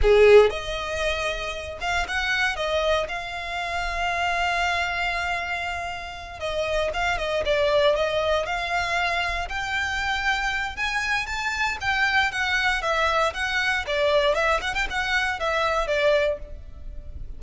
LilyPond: \new Staff \with { instrumentName = "violin" } { \time 4/4 \tempo 4 = 117 gis'4 dis''2~ dis''8 f''8 | fis''4 dis''4 f''2~ | f''1~ | f''8 dis''4 f''8 dis''8 d''4 dis''8~ |
dis''8 f''2 g''4.~ | g''4 gis''4 a''4 g''4 | fis''4 e''4 fis''4 d''4 | e''8 fis''16 g''16 fis''4 e''4 d''4 | }